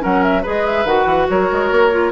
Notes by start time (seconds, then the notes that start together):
0.00 F#3 C#4 A#4 F#5
0.23 E5
0.42 G#3 G#4 B4 D#5
0.65 E5
0.84 D#3 F#4 F#5
1.05 E3
1.29 F#3 A#4 C#5
1.51 G#3
1.71 A#3
1.91 F4